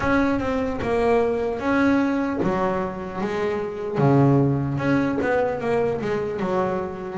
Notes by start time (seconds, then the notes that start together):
0.00 C#4
0.39 C4
0.81 A#3
1.59 C#4
2.42 F#3
3.21 G#3
3.98 C#3
4.78 C#4
5.21 B3
5.60 A#3
6.01 G#3
6.39 F#3